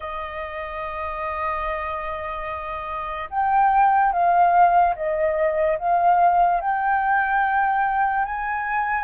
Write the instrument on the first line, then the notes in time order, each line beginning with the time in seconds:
flute
0.00 D#5
3.30 G5
4.12 F5
4.95 D#5
5.78 F5
6.60 G5
8.25 G#5